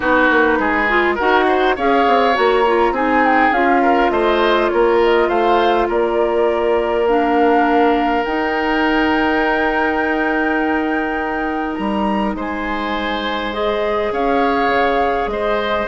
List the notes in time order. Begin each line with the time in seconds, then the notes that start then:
0.00 B3 D#4 F#4 B4
0.30 A#3
0.59 G#3 G#4
0.88 F4
1.15 D#4 F#4 A#4 F#5
1.48 C5
1.76 C#4 G#4 C#5 F5
2.07 C4
2.33 A#3 F#4 A#5
2.66 F4
2.91 C4 D#4 G#4 G#5
3.24 G5
3.51 C#4 F4 F5
3.81 A#4
4.10 A3 C5 D#5
4.68 A#3 A#4 C#5
5.03 D#5
5.28 A3 C5 F5
5.88 A#3 A#4 D5
7.06 D4 F5
8.23 D#4 G5
11.75 G3 A#5
12.34 G#3 C5 G#5
13.53 G#4 D#5
14.11 C#4 C#5 F5
14.68 C#3
15.26 G#3 C5 D#5